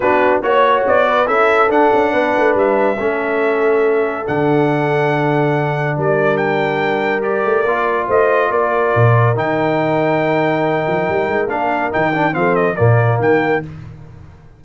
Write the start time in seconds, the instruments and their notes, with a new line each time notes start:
0.00 tuba B3, trombone D4, horn F#4, trumpet B4
0.42 tuba A#3, trombone F#4, trumpet C#5, horn C#5
0.87 tuba B3, trumpet D5
1.08 horn B4
1.25 tuba C#4, trombone E4, horn A4, trumpet E5
1.68 trombone D4, tuba D4, trumpet F#5
1.93 tuba C#4
2.12 tuba B3, horn B4
2.36 tuba A3
2.54 tuba G3, trumpet E5
2.97 tuba A3, trombone C#4, horn A4
4.24 tuba D3, trombone D4, trumpet F#5
5.97 tuba G3, horn A#4, trumpet D5
6.37 trumpet G5
7.21 trombone G4, trumpet D5
7.45 tuba A3
7.65 tuba A#3, trombone F4
8.07 tuba A3, horn C5, trumpet D#5
8.50 tuba A#3, horn A#4, trumpet D5
8.95 tuba A#2
9.35 tuba D#3, trombone D#4, trumpet G5
10.87 tuba F3
11.08 tuba G3
11.28 tuba G#3
11.47 tuba A#3, trombone D4, trumpet F5
11.91 tuba D#3, trombone D#4, trumpet G5
12.13 trombone D4
12.32 tuba F3, trombone C4, horn A4, trumpet F5
12.55 trumpet D#5
12.76 tuba A#2, trombone A#3, horn A#4, trumpet D5
13.19 tuba D#3, trumpet G5